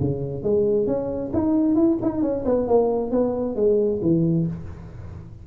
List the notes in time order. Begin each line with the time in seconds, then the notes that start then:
0.00 C#3
0.43 G#3
0.87 C#4
1.33 D#4
1.75 E4
2.02 D#4
2.22 C#4
2.45 B3
2.68 A#3
3.11 B3
3.56 G#3
4.02 E3